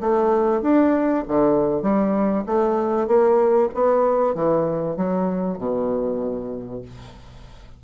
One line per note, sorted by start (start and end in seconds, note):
0.00 0.62 A3
0.62 1.23 D4
1.27 1.82 D3
1.82 2.44 G3
2.46 3.07 A3
3.07 3.69 A#3
3.74 4.34 B3
4.34 4.96 E3
4.96 5.58 F#3
5.58 6.82 B2